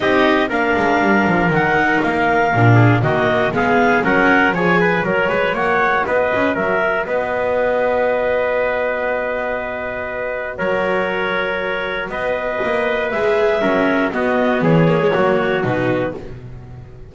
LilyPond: <<
  \new Staff \with { instrumentName = "clarinet" } { \time 4/4 \tempo 4 = 119 dis''4 f''2 fis''4 | f''2 dis''4 f''4 | fis''4 gis''4 cis''4 fis''4 | dis''4 e''4 dis''2~ |
dis''1~ | dis''4 cis''2. | dis''2 e''2 | dis''4 cis''2 b'4 | }
  \new Staff \with { instrumentName = "trumpet" } { \time 4/4 g'4 ais'2.~ | ais'4. gis'8 fis'4 gis'4 | ais'4 cis''8 b'8 ais'8 b'8 cis''4 | b'4 ais'4 b'2~ |
b'1~ | b'4 ais'2. | b'2. ais'4 | fis'4 gis'4 fis'2 | }
  \new Staff \with { instrumentName = "viola" } { \time 4/4 dis'4 d'2 dis'4~ | dis'4 d'4 ais4 b4 | cis'4 gis'4 fis'2~ | fis'1~ |
fis'1~ | fis'1~ | fis'2 gis'4 cis'4 | b4. ais16 gis16 ais4 dis'4 | }
  \new Staff \with { instrumentName = "double bass" } { \time 4/4 c'4 ais8 gis8 g8 f8 dis4 | ais4 ais,4 dis4 gis4 | fis4 f4 fis8 gis8 ais4 | b8 cis'8 fis4 b2~ |
b1~ | b4 fis2. | b4 ais4 gis4 fis4 | b4 e4 fis4 b,4 | }
>>